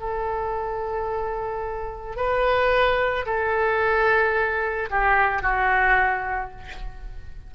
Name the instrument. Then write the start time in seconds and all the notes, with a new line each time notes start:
oboe
0.00 A4
2.17 B4
3.26 A4
4.90 G4
5.42 F#4